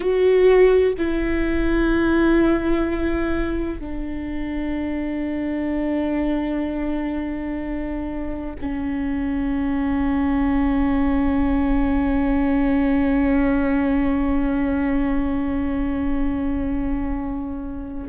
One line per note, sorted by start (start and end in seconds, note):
0.00 0.93 F#4
0.98 3.79 E4
3.79 8.55 D4
8.61 18.09 C#4